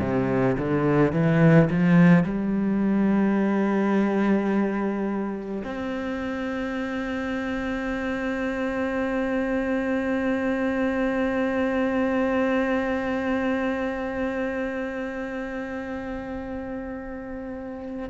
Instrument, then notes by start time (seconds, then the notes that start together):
cello
0.00 C3
0.59 D3
1.13 E3
1.70 F3
2.24 G3
5.64 C4